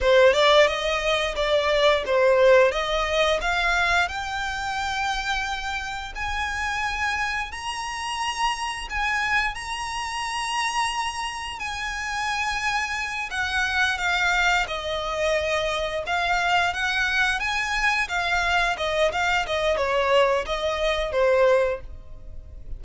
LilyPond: \new Staff \with { instrumentName = "violin" } { \time 4/4 \tempo 4 = 88 c''8 d''8 dis''4 d''4 c''4 | dis''4 f''4 g''2~ | g''4 gis''2 ais''4~ | ais''4 gis''4 ais''2~ |
ais''4 gis''2~ gis''8 fis''8~ | fis''8 f''4 dis''2 f''8~ | f''8 fis''4 gis''4 f''4 dis''8 | f''8 dis''8 cis''4 dis''4 c''4 | }